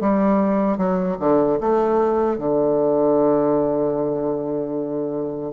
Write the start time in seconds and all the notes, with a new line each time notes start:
0.00 G3
0.77 F#3
1.19 D3
1.60 A3
2.38 D3